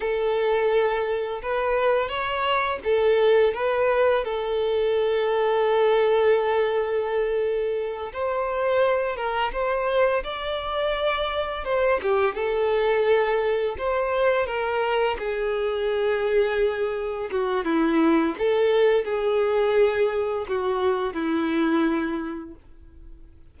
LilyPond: \new Staff \with { instrumentName = "violin" } { \time 4/4 \tempo 4 = 85 a'2 b'4 cis''4 | a'4 b'4 a'2~ | a'2.~ a'8 c''8~ | c''4 ais'8 c''4 d''4.~ |
d''8 c''8 g'8 a'2 c''8~ | c''8 ais'4 gis'2~ gis'8~ | gis'8 fis'8 e'4 a'4 gis'4~ | gis'4 fis'4 e'2 | }